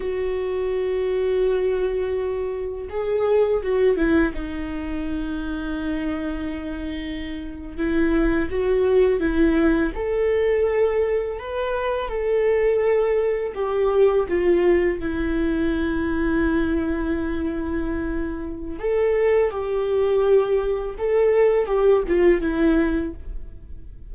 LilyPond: \new Staff \with { instrumentName = "viola" } { \time 4/4 \tempo 4 = 83 fis'1 | gis'4 fis'8 e'8 dis'2~ | dis'2~ dis'8. e'4 fis'16~ | fis'8. e'4 a'2 b'16~ |
b'8. a'2 g'4 f'16~ | f'8. e'2.~ e'16~ | e'2 a'4 g'4~ | g'4 a'4 g'8 f'8 e'4 | }